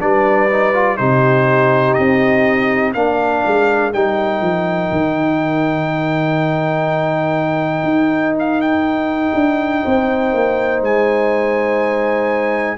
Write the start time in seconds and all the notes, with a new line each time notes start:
0.00 G3 D4 B4 D5
0.50 D#4
0.74 F4
0.97 C3 D#4 G4 C5
1.94 C4 D#5
2.93 A#3 D4 A#4 F5
3.46 G#3
3.93 G3 D#4 G5
4.41 F3
4.92 D#3
7.84 D#4
8.39 F5
8.61 G5
9.35 D4
9.83 C4 C5
10.33 A#3
10.82 G#3 G#5